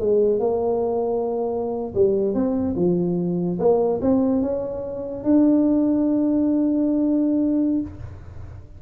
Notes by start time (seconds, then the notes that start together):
0.00 G#3
0.40 A#3
1.95 G3
2.34 C4
2.76 F3
3.59 A#3
4.01 C4
4.42 C#4
5.24 D4